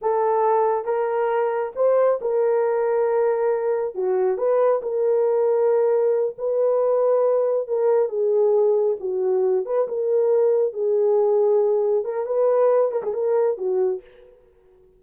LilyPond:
\new Staff \with { instrumentName = "horn" } { \time 4/4 \tempo 4 = 137 a'2 ais'2 | c''4 ais'2.~ | ais'4 fis'4 b'4 ais'4~ | ais'2~ ais'8 b'4.~ |
b'4. ais'4 gis'4.~ | gis'8 fis'4. b'8 ais'4.~ | ais'8 gis'2. ais'8 | b'4. ais'16 gis'16 ais'4 fis'4 | }